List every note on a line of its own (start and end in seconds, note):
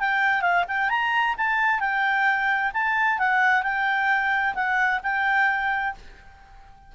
0.00 0.42 G5
0.42 0.65 F5
0.68 0.90 G5
0.90 1.35 A#5
1.38 1.80 A5
1.80 2.72 G5
2.74 3.19 A5
3.19 3.63 F#5
3.63 4.54 G5
4.55 5.00 F#5
5.03 5.95 G5